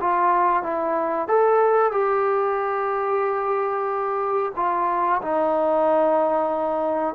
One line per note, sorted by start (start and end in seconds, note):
0.00 0.62 F4
0.62 1.27 E4
1.27 1.91 A4
1.91 4.52 G4
4.55 5.21 F4
5.21 7.14 D#4